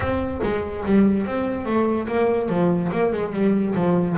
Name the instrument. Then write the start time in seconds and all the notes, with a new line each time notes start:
double bass
0.00 C4
0.42 G#3
0.85 G3
1.26 C4
1.65 A3
2.07 A#3
2.48 F3
2.92 A#3
3.12 G#3
3.32 G3
3.75 F3